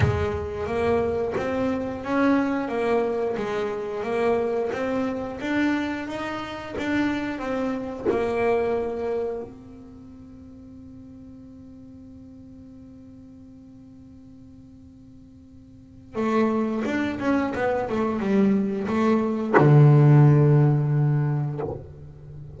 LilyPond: \new Staff \with { instrumentName = "double bass" } { \time 4/4 \tempo 4 = 89 gis4 ais4 c'4 cis'4 | ais4 gis4 ais4 c'4 | d'4 dis'4 d'4 c'4 | ais2 c'2~ |
c'1~ | c'1 | a4 d'8 cis'8 b8 a8 g4 | a4 d2. | }